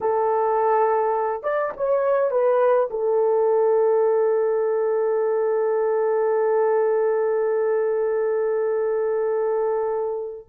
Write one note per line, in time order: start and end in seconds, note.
0.00 1.43 A4
1.43 1.72 D5
1.77 2.30 C#5
2.30 2.88 B4
2.90 10.47 A4